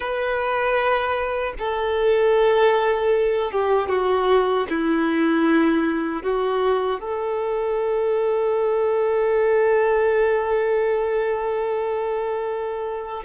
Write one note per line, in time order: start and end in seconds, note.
0.00 1.53 B4
1.58 3.51 A4
3.51 3.89 G4
3.89 4.66 F#4
4.69 6.22 E4
6.22 7.00 F#4
7.00 13.23 A4